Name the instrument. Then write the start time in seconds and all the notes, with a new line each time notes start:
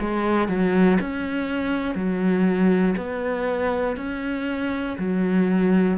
cello
0.00 G#3
0.48 F#3
1.00 C#4
1.95 F#3
2.97 B3
3.97 C#4
4.98 F#3